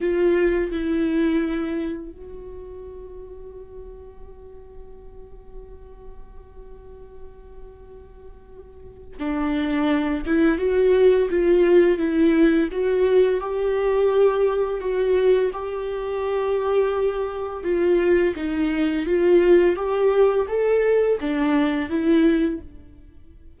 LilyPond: \new Staff \with { instrumentName = "viola" } { \time 4/4 \tempo 4 = 85 f'4 e'2 fis'4~ | fis'1~ | fis'1~ | fis'4 d'4. e'8 fis'4 |
f'4 e'4 fis'4 g'4~ | g'4 fis'4 g'2~ | g'4 f'4 dis'4 f'4 | g'4 a'4 d'4 e'4 | }